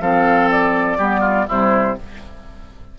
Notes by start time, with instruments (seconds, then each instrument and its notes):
0.00 bassoon F3, clarinet C4, oboe A4, flute F5
0.51 flute D5
0.98 bassoon G3, clarinet B3, oboe G4
1.20 oboe F4
1.47 bassoon C3, clarinet G3, oboe E4, flute C5